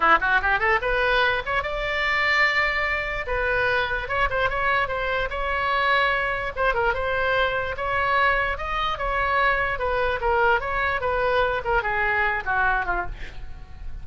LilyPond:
\new Staff \with { instrumentName = "oboe" } { \time 4/4 \tempo 4 = 147 e'8 fis'8 g'8 a'8 b'4. cis''8 | d''1 | b'2 cis''8 c''8 cis''4 | c''4 cis''2. |
c''8 ais'8 c''2 cis''4~ | cis''4 dis''4 cis''2 | b'4 ais'4 cis''4 b'4~ | b'8 ais'8 gis'4. fis'4 f'8 | }